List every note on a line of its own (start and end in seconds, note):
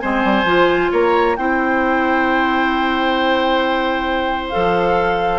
0.00 0.25 G#3
0.00 0.46 C4
0.00 0.92 C5
0.00 0.90 G#5
0.25 0.44 G3
0.44 0.89 F3
0.44 1.37 F4
0.92 1.38 A#3
0.92 1.37 C#5
0.92 1.37 A#5
1.37 4.53 C4
1.37 4.53 E4
1.37 5.40 C5
1.37 4.50 G5
4.50 5.40 F3
4.50 5.40 A4
4.50 5.40 F5